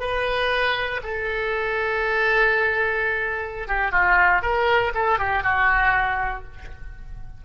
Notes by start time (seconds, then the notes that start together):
0.00 B4
1.03 A4
3.68 G4
3.92 F4
4.42 A#4
4.95 A4
5.19 G4
5.43 F#4